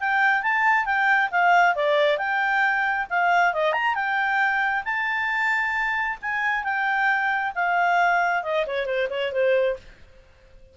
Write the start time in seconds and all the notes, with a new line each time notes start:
0.00 G5
0.43 A5
0.86 G5
1.32 F5
1.76 D5
2.18 G5
3.10 F5
3.54 D#5
3.73 A#5
3.95 G5
4.85 A5
6.22 G#5
6.64 G5
7.55 F5
8.43 D#5
8.67 C#5
8.86 C5
9.10 C#5
9.33 C5